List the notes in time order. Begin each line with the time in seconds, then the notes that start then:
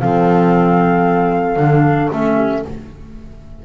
0.00 F3 C4 A4 F5
1.56 D3 D4
2.11 A3 C#4 E5
2.35 G4